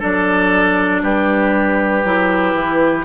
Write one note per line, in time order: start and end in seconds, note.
0.00 1.03 F#3
0.00 2.04 D4
0.00 1.02 A4
0.00 1.04 D5
1.03 2.05 G3
1.03 3.05 G4
1.03 3.05 B4
2.05 2.55 F#3
2.05 3.05 E4
2.55 3.05 E3